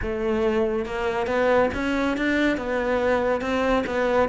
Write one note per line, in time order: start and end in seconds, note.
0.02 0.85 A3
0.85 1.26 A#3
1.26 1.69 B3
1.74 2.17 C#4
2.17 2.57 D4
2.57 3.41 B3
3.41 3.84 C4
3.86 4.29 B3